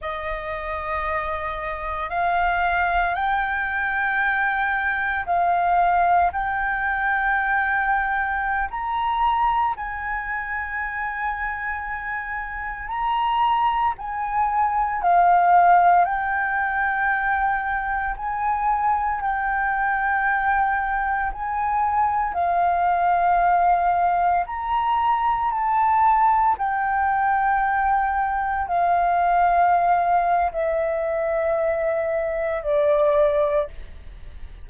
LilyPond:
\new Staff \with { instrumentName = "flute" } { \time 4/4 \tempo 4 = 57 dis''2 f''4 g''4~ | g''4 f''4 g''2~ | g''16 ais''4 gis''2~ gis''8.~ | gis''16 ais''4 gis''4 f''4 g''8.~ |
g''4~ g''16 gis''4 g''4.~ g''16~ | g''16 gis''4 f''2 ais''8.~ | ais''16 a''4 g''2 f''8.~ | f''4 e''2 d''4 | }